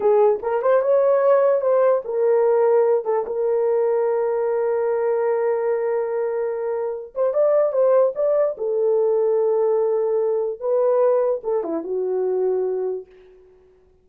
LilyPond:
\new Staff \with { instrumentName = "horn" } { \time 4/4 \tempo 4 = 147 gis'4 ais'8 c''8 cis''2 | c''4 ais'2~ ais'8 a'8 | ais'1~ | ais'1~ |
ais'4. c''8 d''4 c''4 | d''4 a'2.~ | a'2 b'2 | a'8 e'8 fis'2. | }